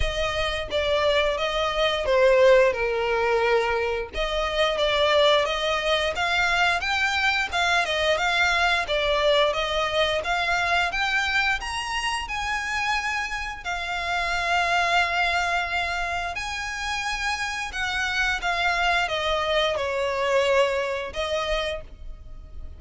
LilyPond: \new Staff \with { instrumentName = "violin" } { \time 4/4 \tempo 4 = 88 dis''4 d''4 dis''4 c''4 | ais'2 dis''4 d''4 | dis''4 f''4 g''4 f''8 dis''8 | f''4 d''4 dis''4 f''4 |
g''4 ais''4 gis''2 | f''1 | gis''2 fis''4 f''4 | dis''4 cis''2 dis''4 | }